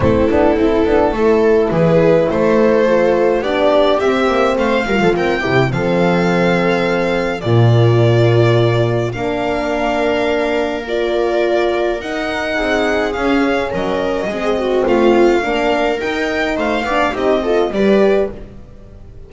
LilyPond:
<<
  \new Staff \with { instrumentName = "violin" } { \time 4/4 \tempo 4 = 105 a'2. b'4 | c''2 d''4 e''4 | f''4 g''4 f''2~ | f''4 d''2. |
f''2. d''4~ | d''4 fis''2 f''4 | dis''2 f''2 | g''4 f''4 dis''4 d''4 | }
  \new Staff \with { instrumentName = "viola" } { \time 4/4 e'2 a'4 gis'4 | a'2 g'2 | c''8 ais'16 a'16 ais'8 g'8 a'2~ | a'4 f'2. |
ais'1~ | ais'2 gis'2 | ais'4 gis'8 fis'8 f'4 ais'4~ | ais'4 c''8 d''8 g'8 a'8 b'4 | }
  \new Staff \with { instrumentName = "horn" } { \time 4/4 c'8 d'8 e'8 d'8 e'2~ | e'4 f'4 d'4 c'4~ | c'8 f'4 e'8 c'2~ | c'4 ais2. |
d'2. f'4~ | f'4 dis'2 cis'4~ | cis'4 c'2 d'4 | dis'4. d'8 dis'8 f'8 g'4 | }
  \new Staff \with { instrumentName = "double bass" } { \time 4/4 a8 b8 c'8 b8 a4 e4 | a2 b4 c'8 ais8 | a8 g16 f16 c'8 c8 f2~ | f4 ais,2. |
ais1~ | ais4 dis'4 c'4 cis'4 | fis4 gis4 a4 ais4 | dis'4 a8 b8 c'4 g4 | }
>>